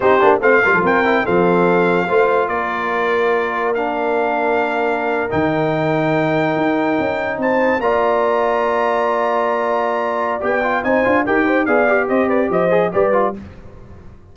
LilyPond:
<<
  \new Staff \with { instrumentName = "trumpet" } { \time 4/4 \tempo 4 = 144 c''4 f''4 g''4 f''4~ | f''2 d''2~ | d''4 f''2.~ | f''8. g''2.~ g''16~ |
g''4.~ g''16 a''4 ais''4~ ais''16~ | ais''1~ | ais''4 g''4 gis''4 g''4 | f''4 dis''8 d''8 dis''4 d''4 | }
  \new Staff \with { instrumentName = "horn" } { \time 4/4 g'4 c''8 ais'16 a'16 ais'4 a'4~ | a'4 c''4 ais'2~ | ais'1~ | ais'1~ |
ais'4.~ ais'16 c''4 d''4~ d''16~ | d''1~ | d''2 c''4 ais'8 c''8 | d''4 c''8 b'8 c''4 b'4 | }
  \new Staff \with { instrumentName = "trombone" } { \time 4/4 dis'8 d'8 c'8 f'4 e'8 c'4~ | c'4 f'2.~ | f'4 d'2.~ | d'8. dis'2.~ dis'16~ |
dis'2~ dis'8. f'4~ f'16~ | f'1~ | f'4 g'8 f'8 dis'8 f'8 g'4 | gis'8 g'2 gis'8 g'8 f'8 | }
  \new Staff \with { instrumentName = "tuba" } { \time 4/4 c'8 ais8 a8 g16 f16 c'4 f4~ | f4 a4 ais2~ | ais1~ | ais8. dis2. dis'16~ |
dis'8. cis'4 c'4 ais4~ ais16~ | ais1~ | ais4 b4 c'8 d'8 dis'4 | b4 c'4 f4 g4 | }
>>